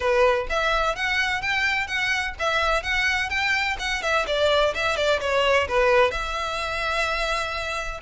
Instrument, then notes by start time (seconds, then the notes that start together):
violin
0.00 B4
0.49 E5
0.95 F#5
1.41 G5
1.87 F#5
2.39 E5
2.83 F#5
3.29 G5
3.79 F#5
4.02 E5
4.26 D5
4.74 E5
4.96 D5
5.20 C#5
5.67 B4
6.11 E5